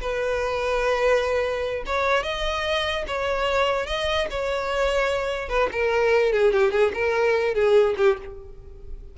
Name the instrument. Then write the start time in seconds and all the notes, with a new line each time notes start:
violin
0.00 B4
1.86 C#5
2.23 D#5
3.07 C#5
3.86 D#5
4.30 C#5
5.49 B4
5.72 A#4
6.32 G#4
6.53 G4
6.71 G#4
6.94 A#4
7.54 G#4
7.97 G4